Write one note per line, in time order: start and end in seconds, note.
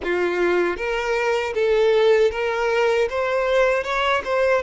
0.03 0.77 F4
0.77 1.53 A#4
1.54 2.31 A4
2.31 3.08 A#4
3.09 3.83 C5
3.83 4.22 C#5
4.24 4.62 C5